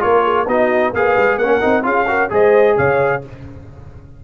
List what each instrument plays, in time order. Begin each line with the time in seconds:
0.00 tuba A#3, trombone F4, horn A#4, trumpet C#5
0.23 horn G#4
0.47 tuba B3, trombone D#4, horn F#4, trumpet D#5
0.93 tuba A#3, trombone G#4, horn B4, trumpet F5
1.17 tuba G#3
1.37 tuba A#3, trombone C#4, horn A#4, trumpet F#5
1.61 tuba C4, trombone D#4
1.83 tuba C#4, trombone F4, horn G#4, trumpet F5
2.07 trombone F#4, horn A#4
2.30 tuba G#3, trombone G#4, horn C5, trumpet D#5
2.77 tuba C#3, horn C#5, trumpet F5